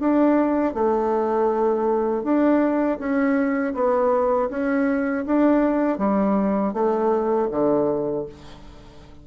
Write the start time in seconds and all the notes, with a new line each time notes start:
0.00 D4
0.75 A3
2.24 D4
2.99 C#4
3.75 B3
4.50 C#4
5.26 D4
5.99 G3
6.74 A3
7.51 D3